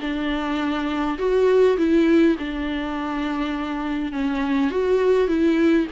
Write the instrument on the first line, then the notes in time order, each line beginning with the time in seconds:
viola
0.00 D4
1.18 F#4
1.77 E4
2.38 D4
4.12 C#4
4.70 F#4
5.28 E4